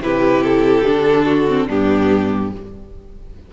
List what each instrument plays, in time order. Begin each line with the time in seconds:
0.00 cello C3, viola E4, violin G4 B4
0.44 violin A4
0.86 cello D3, viola D4
1.25 violin F#4
1.49 viola C4
1.68 cello G2, viola B3, violin D4 G4